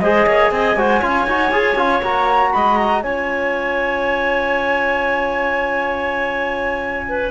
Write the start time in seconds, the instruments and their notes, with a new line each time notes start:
0.00 cello G#3, trombone G#4, clarinet C5, flute D#5
0.27 cello A#3, clarinet C#5
0.51 cello C4, clarinet D#5, flute G#5
0.76 cello G#3, trombone F#4, clarinet C5
1.00 cello C#4, trombone F4, clarinet C#5
1.27 cello D#4, trombone F#4
1.52 cello F4, trombone G#4
1.76 cello C#4, trombone F4
2.03 cello A#3, trombone F#4, flute A#5
2.53 cello G#3, clarinet D#5, flute B5
2.78 flute A#5
3.03 cello C#4, trombone F4, clarinet C#5, flute G#5
7.09 clarinet B4